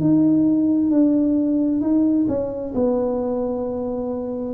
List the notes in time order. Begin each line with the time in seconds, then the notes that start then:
0.00 D#4
0.90 D4
1.81 D#4
2.28 C#4
2.75 B3